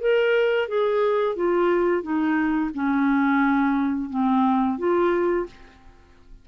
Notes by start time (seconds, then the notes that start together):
0.00 A#4
0.68 G#4
1.36 F4
2.02 D#4
2.74 C#4
4.09 C4
4.78 F4